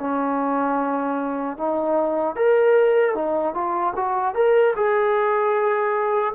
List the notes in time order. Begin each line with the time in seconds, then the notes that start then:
0.00 C#4
1.58 D#4
2.36 A#4
3.15 D#4
3.55 F4
3.96 F#4
4.35 A#4
4.76 G#4